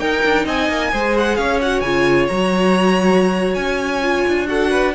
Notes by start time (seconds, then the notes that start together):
0.00 D#4 A#4 G5
0.25 D4
0.45 C4 D#5 G#5
0.69 A#3
0.92 G#3 G#4 C5
1.18 F#5
1.36 C#4 C#5 F5
1.62 F#4 F#5
1.81 C#3 F4 G#5
2.28 F#3 F#4 A#5
3.55 C#4 G#5
4.02 F4
4.28 D4
4.47 F#4 A4 F#5
4.71 B4